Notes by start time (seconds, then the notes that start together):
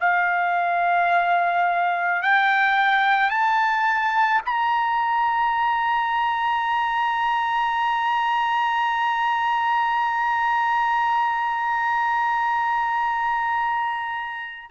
0.00 F5
2.22 G5
3.30 A5
4.45 A#5